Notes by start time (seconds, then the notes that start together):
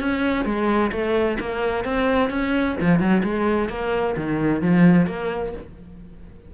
0.00 C#4
0.45 G#3
0.92 A3
1.40 A#3
1.85 C4
2.30 C#4
2.81 F3
2.99 F#3
3.23 G#3
3.69 A#3
4.17 D#3
4.61 F3
5.07 A#3